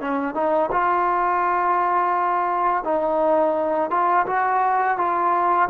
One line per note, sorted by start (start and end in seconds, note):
0.00 0.34 C#4
0.34 0.70 D#4
0.71 2.83 F4
2.83 3.90 D#4
3.90 4.26 F4
4.26 4.97 F#4
4.97 5.69 F4